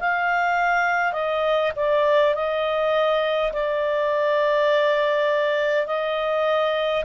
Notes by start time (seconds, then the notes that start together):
0.00 F5
1.13 D#5
1.76 D5
2.35 D#5
3.52 D5
5.87 D#5